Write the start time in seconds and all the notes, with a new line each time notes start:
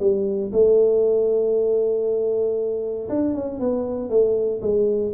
0.00 G3
0.53 A3
3.09 D4
3.35 C#4
3.60 B3
4.10 A3
4.62 G#3